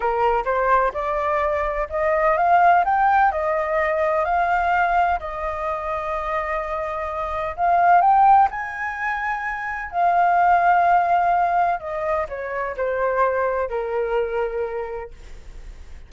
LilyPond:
\new Staff \with { instrumentName = "flute" } { \time 4/4 \tempo 4 = 127 ais'4 c''4 d''2 | dis''4 f''4 g''4 dis''4~ | dis''4 f''2 dis''4~ | dis''1 |
f''4 g''4 gis''2~ | gis''4 f''2.~ | f''4 dis''4 cis''4 c''4~ | c''4 ais'2. | }